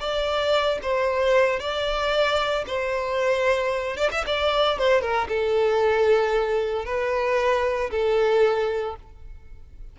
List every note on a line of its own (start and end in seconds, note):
0.00 0.79 D5
0.83 1.60 C5
1.60 2.65 D5
2.67 3.97 C5
3.97 4.10 D5
4.11 4.25 E5
4.27 4.78 D5
4.78 5.01 C5
5.01 5.28 A#4
5.28 6.85 A4
6.85 7.90 B4
7.91 8.96 A4